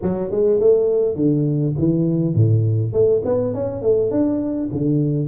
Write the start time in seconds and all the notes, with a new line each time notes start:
0.02 F#3
0.30 G#3
0.60 A3
1.15 D3
1.78 E3
2.34 A2
2.93 A3
3.25 B3
3.54 C#4
3.82 A3
4.10 D4
4.72 D3